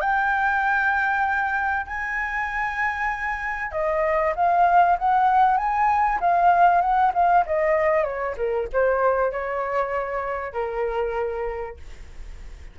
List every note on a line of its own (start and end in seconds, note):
0.00 1.86 G5
1.86 3.71 G#5
3.71 4.33 D#5
4.35 4.97 F5
4.98 5.57 F#5
5.57 6.19 G#5
6.20 6.81 F5
6.81 7.12 F#5
7.14 7.45 F5
7.46 8.04 D#5
8.04 8.35 C#5
8.37 8.68 A#4
8.72 9.31 C5
9.31 10.53 C#5
10.53 11.76 A#4